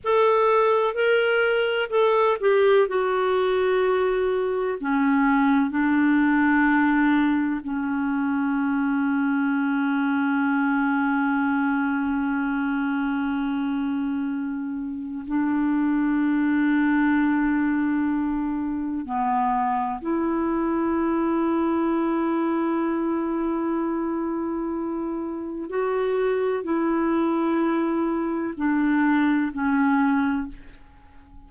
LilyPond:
\new Staff \with { instrumentName = "clarinet" } { \time 4/4 \tempo 4 = 63 a'4 ais'4 a'8 g'8 fis'4~ | fis'4 cis'4 d'2 | cis'1~ | cis'1 |
d'1 | b4 e'2.~ | e'2. fis'4 | e'2 d'4 cis'4 | }